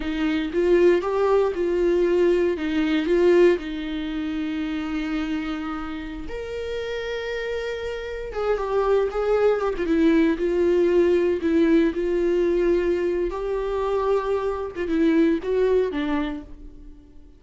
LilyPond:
\new Staff \with { instrumentName = "viola" } { \time 4/4 \tempo 4 = 117 dis'4 f'4 g'4 f'4~ | f'4 dis'4 f'4 dis'4~ | dis'1~ | dis'16 ais'2.~ ais'8.~ |
ais'16 gis'8 g'4 gis'4 g'16 f'16 e'8.~ | e'16 f'2 e'4 f'8.~ | f'2 g'2~ | g'8. f'16 e'4 fis'4 d'4 | }